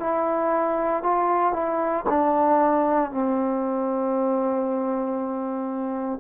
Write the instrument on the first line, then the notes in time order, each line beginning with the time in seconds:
trombone
0.00 E4
1.03 F4
1.53 E4
2.09 D4
3.11 C4